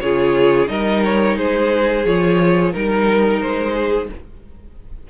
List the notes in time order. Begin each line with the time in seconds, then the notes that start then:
0.00 C#3 F4 G#4 C#5
0.67 G3 D#4 A#4 D#5
1.05 C#5
1.37 G#3 G#4 C5
2.05 F3 F4 C#5
2.72 G3 D#4 A#4
3.41 G#3 C5
3.73 G#4